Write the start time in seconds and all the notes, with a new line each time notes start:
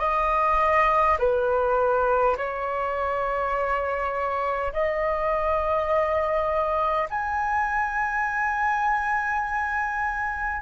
0.00 D#5
1.19 B4
2.37 C#5
4.73 D#5
7.10 G#5